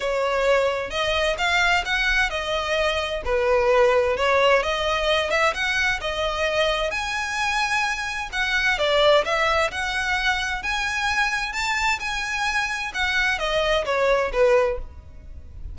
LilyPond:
\new Staff \with { instrumentName = "violin" } { \time 4/4 \tempo 4 = 130 cis''2 dis''4 f''4 | fis''4 dis''2 b'4~ | b'4 cis''4 dis''4. e''8 | fis''4 dis''2 gis''4~ |
gis''2 fis''4 d''4 | e''4 fis''2 gis''4~ | gis''4 a''4 gis''2 | fis''4 dis''4 cis''4 b'4 | }